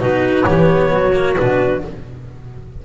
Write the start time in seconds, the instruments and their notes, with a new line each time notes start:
0.00 double bass B2, cello D#4, clarinet F#4 B4
0.44 double bass E3, cello B3, clarinet G4 C#5
0.92 double bass F#3, clarinet F#4
1.14 cello A#3
1.36 double bass B2, cello D4, clarinet B4